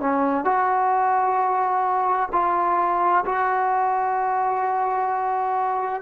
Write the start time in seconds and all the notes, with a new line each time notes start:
0.00 C#4
0.44 F#4
2.32 F4
3.25 F#4